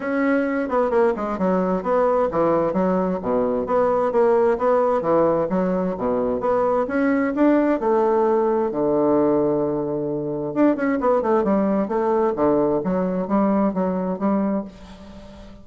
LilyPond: \new Staff \with { instrumentName = "bassoon" } { \time 4/4 \tempo 4 = 131 cis'4. b8 ais8 gis8 fis4 | b4 e4 fis4 b,4 | b4 ais4 b4 e4 | fis4 b,4 b4 cis'4 |
d'4 a2 d4~ | d2. d'8 cis'8 | b8 a8 g4 a4 d4 | fis4 g4 fis4 g4 | }